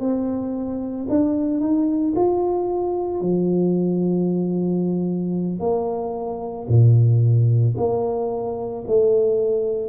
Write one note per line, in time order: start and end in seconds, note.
0.00 1.07 C4
1.09 1.61 D4
1.61 2.14 D#4
2.15 3.21 F4
3.21 5.60 F3
5.60 6.67 A#3
6.68 7.75 A#2
7.77 8.84 A#3
8.87 9.89 A3